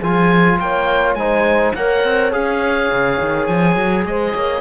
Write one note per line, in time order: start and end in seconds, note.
0.00 0.60 F3
0.00 1.19 F4
0.00 0.58 G#4
0.00 0.60 G#5
0.60 1.15 A#3
0.60 1.19 C#5
0.60 1.15 G5
1.15 1.73 G#3
1.15 1.76 D#4
1.15 1.77 C5
1.15 1.73 G#5
1.75 2.04 A#3
1.75 2.32 A#4
1.75 4.08 C#5
1.75 2.33 F#5
2.04 2.33 C4
2.32 2.91 C#4
2.32 4.62 G#4
2.32 3.47 F5
2.92 3.21 C#3
3.21 3.49 D#3
3.47 3.76 F3
3.47 4.05 G#5
3.76 4.05 F#3
4.06 4.34 G#3
4.06 4.34 C5
4.06 4.62 D#5
4.34 4.62 A#3
4.34 4.62 C#5